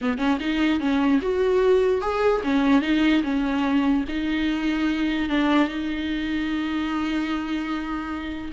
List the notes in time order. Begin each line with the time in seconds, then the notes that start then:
0.01 B3
0.18 C#4
0.40 D#4
0.79 C#4
1.21 F#4
2.01 G#4
2.43 C#4
2.81 D#4
3.23 C#4
4.08 D#4
5.29 D4
5.68 D#4